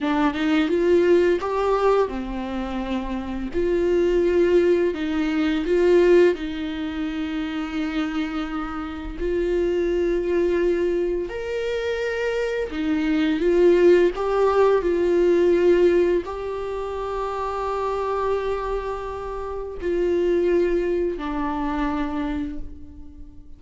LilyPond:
\new Staff \with { instrumentName = "viola" } { \time 4/4 \tempo 4 = 85 d'8 dis'8 f'4 g'4 c'4~ | c'4 f'2 dis'4 | f'4 dis'2.~ | dis'4 f'2. |
ais'2 dis'4 f'4 | g'4 f'2 g'4~ | g'1 | f'2 d'2 | }